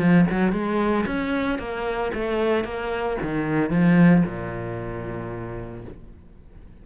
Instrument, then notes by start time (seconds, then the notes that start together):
cello
0.00 F3
0.31 F#3
0.53 G#3
1.07 C#4
1.59 A#3
2.15 A3
2.65 A#3
3.23 D#3
3.71 F3
4.26 A#2